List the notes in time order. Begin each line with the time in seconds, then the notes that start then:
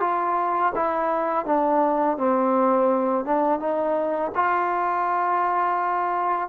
0.00 F4
0.75 E4
1.45 D4
2.17 C4
3.25 D4
3.59 D#4
4.35 F4